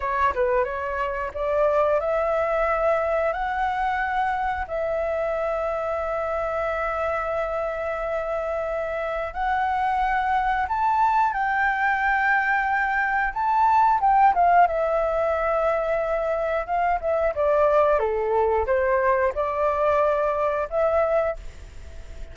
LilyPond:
\new Staff \with { instrumentName = "flute" } { \time 4/4 \tempo 4 = 90 cis''8 b'8 cis''4 d''4 e''4~ | e''4 fis''2 e''4~ | e''1~ | e''2 fis''2 |
a''4 g''2. | a''4 g''8 f''8 e''2~ | e''4 f''8 e''8 d''4 a'4 | c''4 d''2 e''4 | }